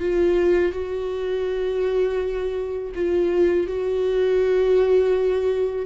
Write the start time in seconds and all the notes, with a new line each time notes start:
0.00 F4
0.73 F#4
2.95 F4
3.67 F#4